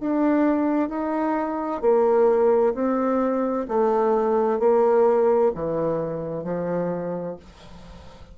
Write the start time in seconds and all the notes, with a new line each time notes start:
0.00 D4
0.89 D#4
1.81 A#3
2.74 C4
3.68 A3
4.59 A#3
5.55 E3
6.44 F3